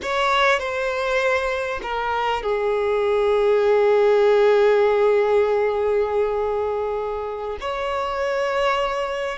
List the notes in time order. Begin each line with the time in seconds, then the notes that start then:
0.02 C#5
0.59 C5
1.82 A#4
2.42 G#4
7.60 C#5